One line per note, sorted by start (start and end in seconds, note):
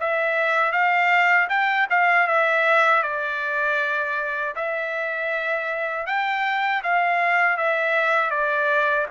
0.00 0.72 E5
0.72 1.48 F5
1.49 1.87 G5
1.90 2.27 F5
2.27 3.03 E5
3.03 4.55 D5
4.56 6.07 E5
6.07 6.83 G5
6.83 7.57 F5
7.57 8.30 E5
8.30 9.06 D5